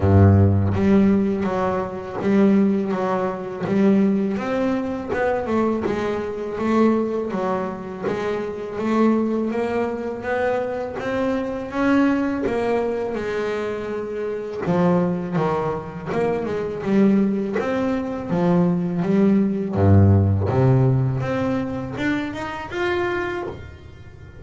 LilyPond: \new Staff \with { instrumentName = "double bass" } { \time 4/4 \tempo 4 = 82 g,4 g4 fis4 g4 | fis4 g4 c'4 b8 a8 | gis4 a4 fis4 gis4 | a4 ais4 b4 c'4 |
cis'4 ais4 gis2 | f4 dis4 ais8 gis8 g4 | c'4 f4 g4 g,4 | c4 c'4 d'8 dis'8 f'4 | }